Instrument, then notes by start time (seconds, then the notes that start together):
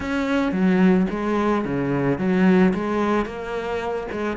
cello
0.00 C#4
0.52 F#3
1.10 G#3
1.65 C#3
2.18 F#3
2.74 G#3
3.25 A#3
4.11 G#3